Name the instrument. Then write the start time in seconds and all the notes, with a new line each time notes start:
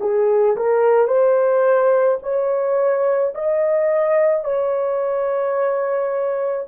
horn
0.00 G#4
0.56 A#4
1.07 C5
2.22 C#5
3.34 D#5
4.44 C#5